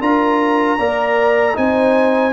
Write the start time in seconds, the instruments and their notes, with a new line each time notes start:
0.00 tuba D4, trombone F4, horn A#4, trumpet A#5
0.77 tuba A#3, trombone A#4, horn D5
1.53 tuba C4, trombone D#4, horn C5, trumpet G#5